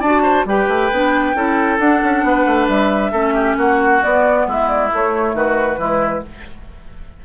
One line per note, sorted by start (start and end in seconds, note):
0.00 0.45 D4
0.00 0.47 F#4
0.00 0.22 D5
0.00 0.46 A5
0.22 0.45 C5
0.45 0.68 G3
0.45 0.92 G4
0.45 1.36 B4
0.45 1.79 G5
0.68 0.91 A3
0.92 1.35 B3
0.92 1.35 D4
1.35 1.79 C#4
1.35 1.80 E4
1.35 2.25 A4
1.79 2.02 D4
1.79 3.14 D4
1.79 2.68 F#5
2.04 2.24 C#4
2.24 2.46 B3
2.24 3.12 B4
2.46 2.68 A3
2.69 3.12 G3
2.69 3.58 E5
3.12 3.57 A3
3.12 4.02 C#4
3.12 3.34 A4
3.34 3.56 G4
3.57 4.02 A#3
3.57 4.47 F#4
3.57 4.03 F#5
4.02 4.91 B3
4.02 4.47 B3
4.02 4.47 D5
4.47 4.91 G#3
4.47 5.36 E4
4.47 4.68 E5
4.68 4.90 D5
4.92 5.78 A3
4.92 5.34 A3
4.92 5.36 C#5
5.34 5.78 D#3
5.34 5.80 F#4
5.34 6.25 B4
5.78 6.22 E3
5.78 6.23 G#3
5.78 6.24 E4